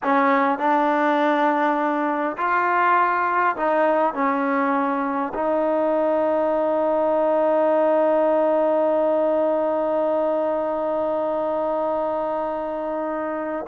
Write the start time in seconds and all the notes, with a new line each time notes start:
0.03 C#4
0.58 D4
2.37 F4
3.56 D#4
4.14 C#4
5.34 D#4